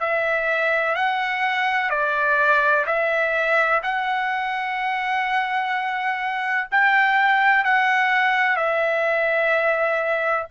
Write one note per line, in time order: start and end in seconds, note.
0.00 0.95 E5
0.95 1.90 F#5
1.90 2.85 D5
2.87 3.82 E5
3.83 6.68 F#5
6.71 7.65 G5
7.65 8.56 F#5
8.56 10.47 E5